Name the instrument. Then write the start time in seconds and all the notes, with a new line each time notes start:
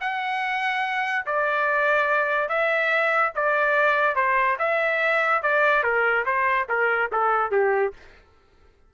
trumpet
0.00 F#5
1.26 D5
2.48 E5
3.35 D5
4.15 C5
4.59 E5
5.42 D5
5.83 A#4
6.25 C5
6.68 A#4
7.12 A4
7.51 G4